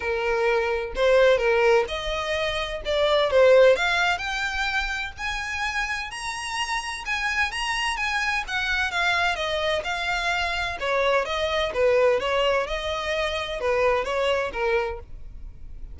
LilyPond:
\new Staff \with { instrumentName = "violin" } { \time 4/4 \tempo 4 = 128 ais'2 c''4 ais'4 | dis''2 d''4 c''4 | f''4 g''2 gis''4~ | gis''4 ais''2 gis''4 |
ais''4 gis''4 fis''4 f''4 | dis''4 f''2 cis''4 | dis''4 b'4 cis''4 dis''4~ | dis''4 b'4 cis''4 ais'4 | }